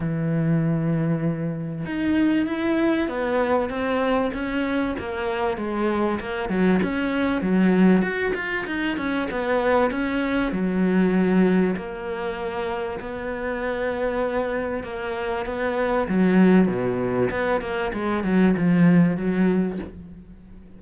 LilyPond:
\new Staff \with { instrumentName = "cello" } { \time 4/4 \tempo 4 = 97 e2. dis'4 | e'4 b4 c'4 cis'4 | ais4 gis4 ais8 fis8 cis'4 | fis4 fis'8 f'8 dis'8 cis'8 b4 |
cis'4 fis2 ais4~ | ais4 b2. | ais4 b4 fis4 b,4 | b8 ais8 gis8 fis8 f4 fis4 | }